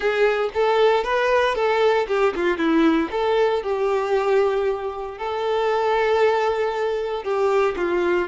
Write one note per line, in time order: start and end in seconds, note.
0.00 0.49 G#4
0.54 1.03 A4
1.03 1.55 B4
1.55 2.06 A4
2.07 2.33 G4
2.35 2.57 F4
2.57 3.09 E4
3.11 3.62 A4
3.62 5.17 G4
5.18 7.23 A4
7.23 7.75 G4
7.76 8.28 F4